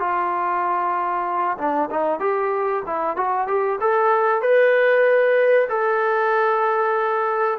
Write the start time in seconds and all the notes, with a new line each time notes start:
0.00 F4
1.58 D4
1.91 D#4
2.20 G4
2.87 E4
3.17 F#4
3.48 G4
3.81 A4
4.42 B4
5.69 A4